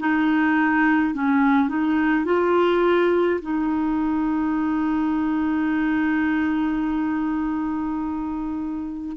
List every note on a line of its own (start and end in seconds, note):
0.00 1.15 D#4
1.15 1.69 C#4
1.69 2.26 D#4
2.26 3.41 F4
3.42 9.17 D#4